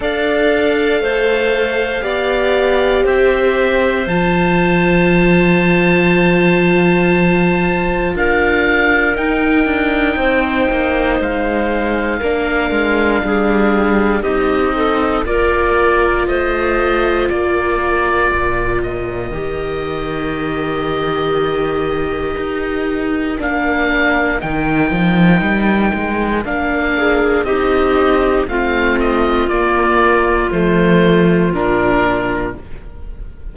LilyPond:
<<
  \new Staff \with { instrumentName = "oboe" } { \time 4/4 \tempo 4 = 59 f''2. e''4 | a''1 | f''4 g''2 f''4~ | f''2 dis''4 d''4 |
dis''4 d''4. dis''4.~ | dis''2. f''4 | g''2 f''4 dis''4 | f''8 dis''8 d''4 c''4 ais'4 | }
  \new Staff \with { instrumentName = "clarinet" } { \time 4/4 d''4 c''4 d''4 c''4~ | c''1 | ais'2 c''2 | ais'4 gis'4 g'8 a'8 ais'4 |
c''4 ais'2.~ | ais'1~ | ais'2~ ais'8 gis'8 g'4 | f'1 | }
  \new Staff \with { instrumentName = "viola" } { \time 4/4 a'2 g'2 | f'1~ | f'4 dis'2. | d'2 dis'4 f'4~ |
f'2. g'4~ | g'2. d'4 | dis'2 d'4 dis'4 | c'4 ais4 a4 d'4 | }
  \new Staff \with { instrumentName = "cello" } { \time 4/4 d'4 a4 b4 c'4 | f1 | d'4 dis'8 d'8 c'8 ais8 gis4 | ais8 gis8 g4 c'4 ais4 |
a4 ais4 ais,4 dis4~ | dis2 dis'4 ais4 | dis8 f8 g8 gis8 ais4 c'4 | a4 ais4 f4 ais,4 | }
>>